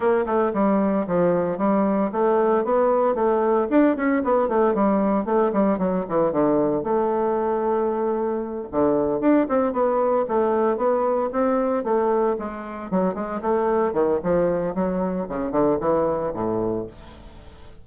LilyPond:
\new Staff \with { instrumentName = "bassoon" } { \time 4/4 \tempo 4 = 114 ais8 a8 g4 f4 g4 | a4 b4 a4 d'8 cis'8 | b8 a8 g4 a8 g8 fis8 e8 | d4 a2.~ |
a8 d4 d'8 c'8 b4 a8~ | a8 b4 c'4 a4 gis8~ | gis8 fis8 gis8 a4 dis8 f4 | fis4 cis8 d8 e4 a,4 | }